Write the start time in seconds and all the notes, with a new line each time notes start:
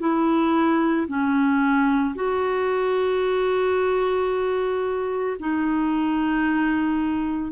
0.00 E4
1.08 C#4
2.15 F#4
5.40 D#4